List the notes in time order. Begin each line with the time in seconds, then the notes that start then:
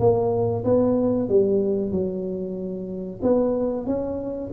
0.00 A#3
0.65 B3
1.29 G3
1.91 F#3
3.23 B3
3.87 C#4